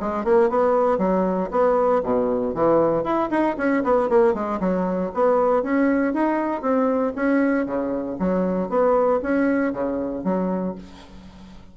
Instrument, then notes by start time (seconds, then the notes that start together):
bassoon
0.00 G#3
0.24 A#3
0.50 B3
0.98 F#3
1.51 B3
2.03 B2
2.54 E3
3.04 E4
3.31 D#4
3.58 C#4
3.83 B3
4.09 A#3
4.34 G#3
4.60 F#3
5.14 B3
5.63 C#4
6.14 D#4
6.62 C4
7.16 C#4
7.66 C#3
8.19 F#3
8.69 B3
9.22 C#4
9.73 C#3
10.24 F#3